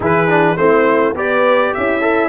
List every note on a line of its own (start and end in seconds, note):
0.00 0.56 E3
0.00 0.28 E4
0.00 0.58 G#4
0.00 0.57 B4
0.28 0.56 D4
0.57 1.14 A3
0.57 1.15 C4
0.57 1.15 E4
0.57 1.14 C5
1.14 1.72 B3
1.14 2.01 G4
1.14 1.73 B4
1.14 1.74 D5
1.74 2.29 C#4
1.74 2.29 E4
1.74 2.29 E5
2.01 2.29 A4